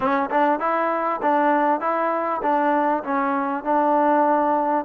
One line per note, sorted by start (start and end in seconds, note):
0.00 0.29 C#4
0.30 0.59 D4
0.59 1.20 E4
1.22 1.80 D4
1.80 2.41 E4
2.42 3.03 D4
3.03 3.64 C#4
3.64 4.85 D4